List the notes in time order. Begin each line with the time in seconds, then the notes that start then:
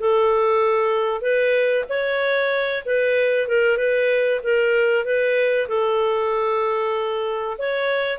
0.00 A4
1.22 B4
1.89 C#5
2.86 B4
3.48 A#4
3.78 B4
4.44 A#4
5.05 B4
5.68 A4
7.58 C#5